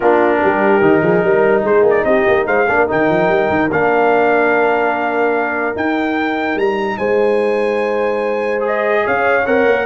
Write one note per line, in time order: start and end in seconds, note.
0.00 0.42 A#3
0.00 0.81 D4
0.00 0.40 F4
0.00 1.63 A#4
0.42 0.81 G3
0.42 1.02 G4
0.81 1.01 D#3
0.81 2.66 D#4
1.02 1.22 F3
1.02 1.22 G#4
1.22 1.63 G3
1.22 1.63 A#4
1.63 1.82 G#3
1.63 2.05 G#4
1.63 1.86 C5
1.82 2.03 A#3
1.90 2.04 D5
2.04 2.24 C4
2.04 2.46 G4
2.04 2.45 D#5
2.28 2.46 A#3
2.46 2.67 G#3
2.46 2.67 C5
2.46 2.87 F5
2.67 2.89 A#3
2.67 2.87 D4
2.67 6.97 A#4
2.87 3.09 D#3
2.87 3.70 D#4
2.87 3.71 G5
3.09 3.28 F3
3.28 3.48 G3
3.49 3.69 D#3
3.69 5.74 A#3
3.69 5.74 D4
3.69 5.76 F5
5.74 8.60 D#4
5.74 6.55 D#4
5.74 6.58 G5
6.55 6.96 G3
6.55 6.97 A#5
6.97 9.04 G#3
6.97 9.02 C5
6.97 8.61 G#5
8.60 9.42 G#4
8.66 9.06 D#5
9.04 9.46 C#4
9.04 9.86 C#5
9.04 9.46 F5
9.46 9.65 C4
9.46 9.86 A#4
9.46 9.86 F#5
9.65 9.86 A#3